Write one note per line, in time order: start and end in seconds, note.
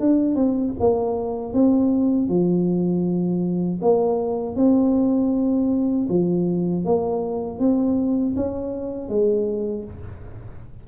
0.00 0.36 D4
0.36 0.74 C4
0.80 1.53 A#3
1.53 2.29 C4
2.29 3.80 F3
3.82 4.56 A#3
4.56 6.08 C4
6.09 6.85 F3
6.85 7.59 A#3
7.59 8.35 C4
8.36 9.09 C#4
9.09 9.85 G#3